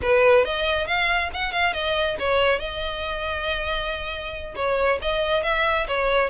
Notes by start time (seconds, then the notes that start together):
0.02 B4
0.44 D#5
0.86 F5
1.33 F#5
1.52 F5
1.73 D#5
2.19 C#5
2.59 D#5
4.55 C#5
5.01 D#5
5.43 E5
5.87 C#5